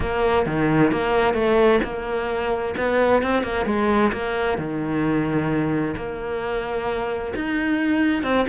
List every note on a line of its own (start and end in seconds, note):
0.00 0.46 A#3
0.46 0.91 D#3
0.91 1.34 A#3
1.34 1.79 A3
1.83 2.75 A#3
2.76 3.22 B3
3.22 3.43 C4
3.43 3.65 A#3
3.65 4.11 G#3
4.12 4.57 A#3
4.57 5.95 D#3
5.96 7.33 A#3
7.35 8.23 D#4
8.23 8.46 C4